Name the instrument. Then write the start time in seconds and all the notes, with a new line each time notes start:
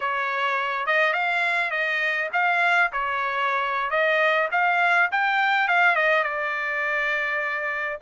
trumpet
0.00 C#5
0.86 D#5
1.13 F5
1.71 D#5
2.32 F5
2.92 C#5
3.90 D#5
4.51 F5
5.11 G5
5.68 F5
5.95 D#5
6.23 D5